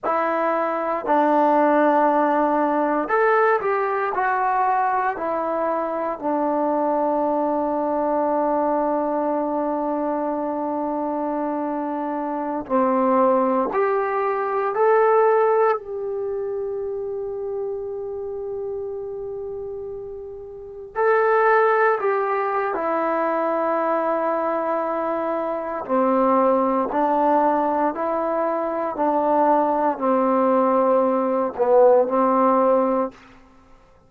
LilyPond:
\new Staff \with { instrumentName = "trombone" } { \time 4/4 \tempo 4 = 58 e'4 d'2 a'8 g'8 | fis'4 e'4 d'2~ | d'1~ | d'16 c'4 g'4 a'4 g'8.~ |
g'1~ | g'16 a'4 g'8. e'2~ | e'4 c'4 d'4 e'4 | d'4 c'4. b8 c'4 | }